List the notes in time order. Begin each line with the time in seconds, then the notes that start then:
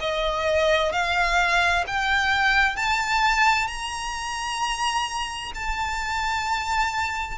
0.00 D#5
0.92 F5
1.87 G5
2.76 A5
3.67 A#5
5.54 A5